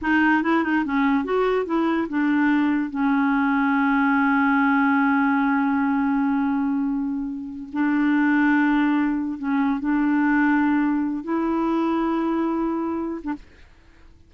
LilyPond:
\new Staff \with { instrumentName = "clarinet" } { \time 4/4 \tempo 4 = 144 dis'4 e'8 dis'8 cis'4 fis'4 | e'4 d'2 cis'4~ | cis'1~ | cis'1~ |
cis'2~ cis'8 d'4.~ | d'2~ d'8 cis'4 d'8~ | d'2. e'4~ | e'2.~ e'8. d'16 | }